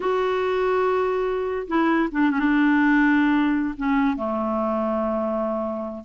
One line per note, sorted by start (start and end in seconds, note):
0.00 1.67 F#4
1.67 2.09 E4
2.11 2.30 D4
2.30 2.39 C#4
2.39 3.74 D4
3.77 4.16 C#4
4.16 6.04 A3